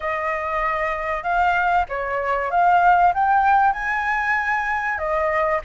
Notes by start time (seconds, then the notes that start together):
0.00 D#5
1.23 F5
1.89 C#5
2.50 F5
3.14 G5
3.72 G#5
4.98 D#5